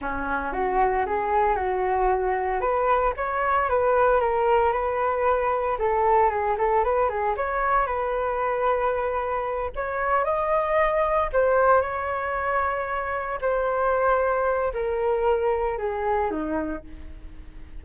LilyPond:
\new Staff \with { instrumentName = "flute" } { \time 4/4 \tempo 4 = 114 cis'4 fis'4 gis'4 fis'4~ | fis'4 b'4 cis''4 b'4 | ais'4 b'2 a'4 | gis'8 a'8 b'8 gis'8 cis''4 b'4~ |
b'2~ b'8 cis''4 dis''8~ | dis''4. c''4 cis''4.~ | cis''4. c''2~ c''8 | ais'2 gis'4 dis'4 | }